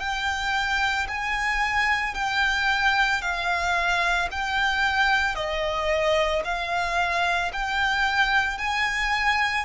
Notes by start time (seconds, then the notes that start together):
0.00 G5
1.08 G#5
2.15 G5
3.22 F5
4.31 G5
5.35 D#5
6.45 F5
7.53 G5
8.58 G#5